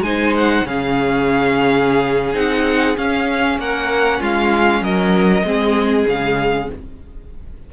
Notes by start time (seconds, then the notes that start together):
0.00 G#3 D#4 C5 G#5
0.37 F#5
0.64 C#3 C#4 G#4 F5
2.34 C4 D#4 F#5
2.96 C#4 F5
3.58 A#3 A#4 F#5
4.19 G#3 F4 F5
4.81 F#3 A#4 D#5
5.44 G#3 C4 G#4
6.07 C#3 G#3 F5